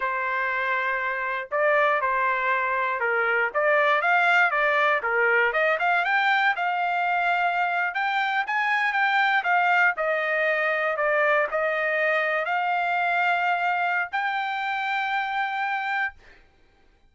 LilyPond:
\new Staff \with { instrumentName = "trumpet" } { \time 4/4 \tempo 4 = 119 c''2. d''4 | c''2 ais'4 d''4 | f''4 d''4 ais'4 dis''8 f''8 | g''4 f''2~ f''8. g''16~ |
g''8. gis''4 g''4 f''4 dis''16~ | dis''4.~ dis''16 d''4 dis''4~ dis''16~ | dis''8. f''2.~ f''16 | g''1 | }